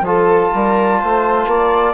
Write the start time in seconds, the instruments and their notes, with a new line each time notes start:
0.00 bassoon F3, trombone F4, viola A4, flute A5
0.54 bassoon G3, viola A#4
0.99 bassoon A3, viola C5
1.46 bassoon A#3, viola D5